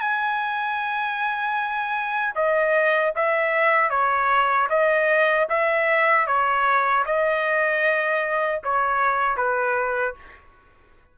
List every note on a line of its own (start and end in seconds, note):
0.00 2.34 G#5
2.34 3.12 D#5
3.15 3.90 E5
3.90 4.68 C#5
4.69 5.47 D#5
5.49 6.26 E5
6.26 7.04 C#5
7.05 8.61 D#5
8.63 9.36 C#5
9.36 10.14 B4